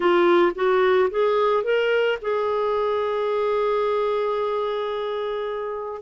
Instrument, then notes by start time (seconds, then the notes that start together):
clarinet
0.00 F4
0.55 F#4
1.10 G#4
1.63 A#4
2.21 G#4